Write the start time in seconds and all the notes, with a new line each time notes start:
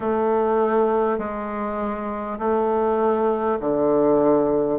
0.00 A3
1.18 G#3
2.38 A3
3.60 D3